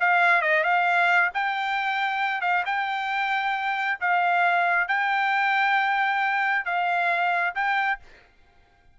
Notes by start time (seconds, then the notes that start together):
0.00 F5
0.42 D#5
0.64 F5
1.34 G5
2.41 F5
2.66 G5
4.01 F5
4.88 G5
6.65 F5
7.55 G5